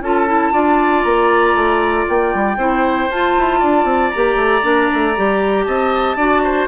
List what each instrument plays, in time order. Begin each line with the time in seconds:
0.00 bassoon C#4, clarinet F4, oboe A4, flute A5
0.27 clarinet E4
0.52 bassoon D4, clarinet F4, oboe D5
1.03 bassoon A#3, flute A#5
1.54 bassoon A3
2.08 bassoon A#3, flute G5
2.34 bassoon G3
2.57 bassoon C4, clarinet E4, oboe C5
3.10 bassoon F4, clarinet F4, flute A5
3.37 bassoon E4
3.59 bassoon D4, oboe D5
3.84 bassoon C4
4.10 bassoon A#3, clarinet G4, flute A#5
4.35 bassoon A3
4.62 bassoon A#3, clarinet D4
4.94 bassoon A3
5.16 bassoon G3, clarinet G4
5.64 bassoon C4, oboe D#5, flute A5
6.16 bassoon D4, clarinet F#4, oboe D5
6.43 oboe C5